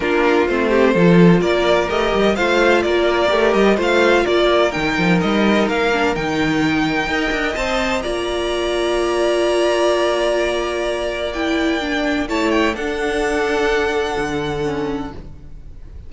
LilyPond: <<
  \new Staff \with { instrumentName = "violin" } { \time 4/4 \tempo 4 = 127 ais'4 c''2 d''4 | dis''4 f''4 d''4. dis''8 | f''4 d''4 g''4 dis''4 | f''4 g''2. |
a''4 ais''2.~ | ais''1 | g''2 a''8 g''8 fis''4~ | fis''1 | }
  \new Staff \with { instrumentName = "violin" } { \time 4/4 f'4. g'8 a'4 ais'4~ | ais'4 c''4 ais'2 | c''4 ais'2.~ | ais'2. dis''4~ |
dis''4 d''2.~ | d''1~ | d''2 cis''4 a'4~ | a'1 | }
  \new Staff \with { instrumentName = "viola" } { \time 4/4 d'4 c'4 f'2 | g'4 f'2 g'4 | f'2 dis'2~ | dis'8 d'8 dis'2 ais'4 |
c''4 f'2.~ | f'1 | e'4 d'4 e'4 d'4~ | d'2. cis'4 | }
  \new Staff \with { instrumentName = "cello" } { \time 4/4 ais4 a4 f4 ais4 | a8 g8 a4 ais4 a8 g8 | a4 ais4 dis8 f8 g4 | ais4 dis2 dis'8 d'8 |
c'4 ais2.~ | ais1~ | ais2 a4 d'4~ | d'2 d2 | }
>>